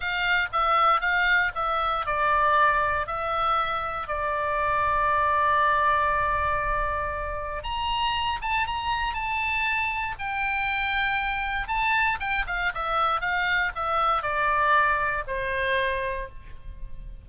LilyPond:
\new Staff \with { instrumentName = "oboe" } { \time 4/4 \tempo 4 = 118 f''4 e''4 f''4 e''4 | d''2 e''2 | d''1~ | d''2. ais''4~ |
ais''8 a''8 ais''4 a''2 | g''2. a''4 | g''8 f''8 e''4 f''4 e''4 | d''2 c''2 | }